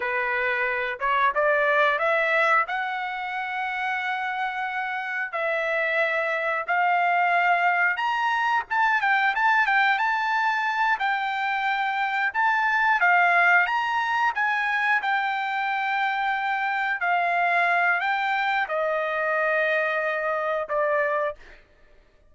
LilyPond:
\new Staff \with { instrumentName = "trumpet" } { \time 4/4 \tempo 4 = 90 b'4. cis''8 d''4 e''4 | fis''1 | e''2 f''2 | ais''4 a''8 g''8 a''8 g''8 a''4~ |
a''8 g''2 a''4 f''8~ | f''8 ais''4 gis''4 g''4.~ | g''4. f''4. g''4 | dis''2. d''4 | }